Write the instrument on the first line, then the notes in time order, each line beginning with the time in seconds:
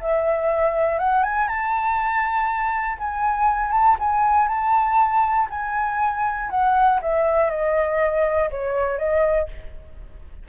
flute
0.00 E5
0.99 F#5
1.23 G#5
1.47 A5
2.98 G#5
3.71 A5
3.99 G#5
4.48 A5
5.50 G#5
6.50 F#5
7.01 E5
7.50 D#5
8.50 C#5
8.98 D#5